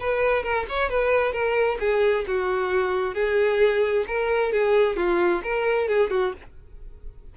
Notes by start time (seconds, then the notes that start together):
0.00 B4
0.43 A#4
0.69 C#5
0.90 B4
1.33 A#4
1.80 G#4
2.27 F#4
3.14 G#4
4.07 A#4
4.52 G#4
4.96 F4
5.43 A#4
5.88 G#4
6.10 F#4